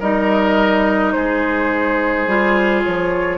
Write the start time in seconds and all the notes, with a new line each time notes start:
0.00 G3 D#4 A#4 D#5
1.12 G#3 G#4 C5
2.27 G3 F4
2.84 F3 C#5